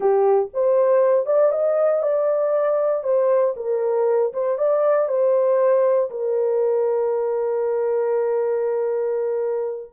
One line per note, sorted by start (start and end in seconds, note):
0.00 0.49 G4
0.53 1.26 C5
1.26 1.51 D5
1.51 2.02 D#5
2.02 3.03 D5
3.03 3.54 C5
3.56 4.32 A#4
4.33 4.57 C5
4.57 5.08 D5
5.08 6.10 C5
6.10 9.92 A#4